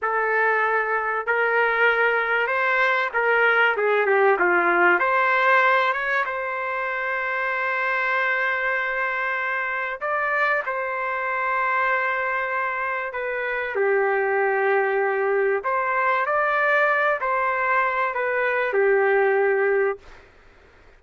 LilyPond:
\new Staff \with { instrumentName = "trumpet" } { \time 4/4 \tempo 4 = 96 a'2 ais'2 | c''4 ais'4 gis'8 g'8 f'4 | c''4. cis''8 c''2~ | c''1 |
d''4 c''2.~ | c''4 b'4 g'2~ | g'4 c''4 d''4. c''8~ | c''4 b'4 g'2 | }